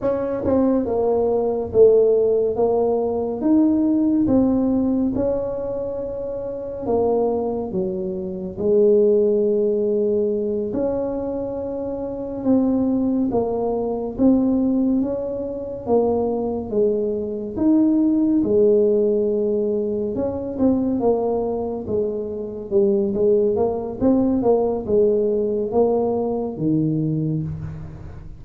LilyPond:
\new Staff \with { instrumentName = "tuba" } { \time 4/4 \tempo 4 = 70 cis'8 c'8 ais4 a4 ais4 | dis'4 c'4 cis'2 | ais4 fis4 gis2~ | gis8 cis'2 c'4 ais8~ |
ais8 c'4 cis'4 ais4 gis8~ | gis8 dis'4 gis2 cis'8 | c'8 ais4 gis4 g8 gis8 ais8 | c'8 ais8 gis4 ais4 dis4 | }